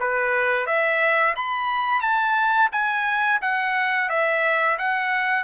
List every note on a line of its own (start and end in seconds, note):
0.00 0.66 B4
0.66 1.35 E5
1.36 2.01 B5
2.01 2.69 A5
2.72 3.40 G#5
3.42 4.09 F#5
4.09 4.78 E5
4.79 5.44 F#5